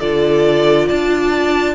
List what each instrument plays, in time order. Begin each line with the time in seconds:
0.00 cello D3, viola F4, violin A4 D5
0.87 cello D4, violin D5 A5